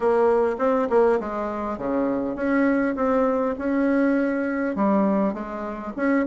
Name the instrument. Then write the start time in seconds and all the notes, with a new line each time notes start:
bassoon
0.00 A#3
0.58 C4
0.89 A#3
1.19 G#3
1.77 C#3
2.35 C#4
2.95 C4
3.58 C#4
4.75 G3
5.33 G#3
5.96 C#4